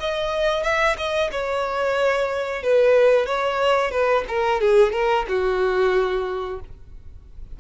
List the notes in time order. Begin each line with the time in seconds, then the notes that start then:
0.00 D#5
0.63 E5
0.98 D#5
1.32 C#5
2.63 B4
3.26 C#5
3.91 B4
4.28 A#4
4.61 G#4
4.93 A#4
5.28 F#4